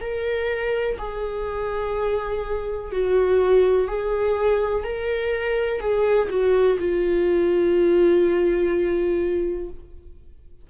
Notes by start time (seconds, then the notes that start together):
0.00 A#4
0.98 G#4
2.91 F#4
3.88 G#4
4.83 A#4
5.80 G#4
6.29 F#4
6.79 F4